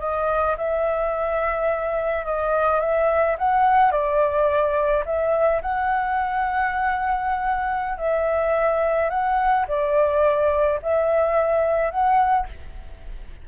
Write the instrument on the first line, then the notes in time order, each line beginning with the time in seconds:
flute
0.00 D#5
0.58 E5
2.26 D#5
2.80 E5
3.38 F#5
3.92 D5
5.06 E5
5.62 F#5
7.98 E5
9.10 F#5
9.68 D5
10.83 E5
11.91 F#5